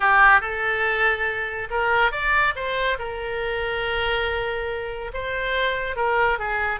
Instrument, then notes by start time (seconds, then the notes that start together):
oboe
0.00 G4
0.40 A4
1.70 A#4
2.11 D5
2.55 C5
2.99 A#4
5.13 C5
5.96 A#4
6.38 G#4